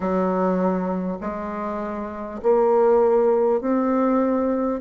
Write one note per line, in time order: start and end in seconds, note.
0.00 1.18 F#3
1.21 2.41 G#3
2.42 3.61 A#3
3.61 4.81 C4